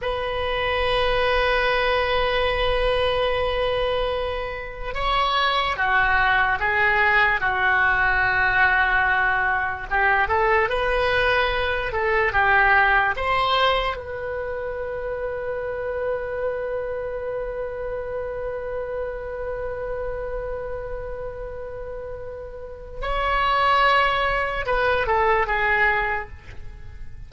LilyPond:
\new Staff \with { instrumentName = "oboe" } { \time 4/4 \tempo 4 = 73 b'1~ | b'2 cis''4 fis'4 | gis'4 fis'2. | g'8 a'8 b'4. a'8 g'4 |
c''4 b'2.~ | b'1~ | b'1 | cis''2 b'8 a'8 gis'4 | }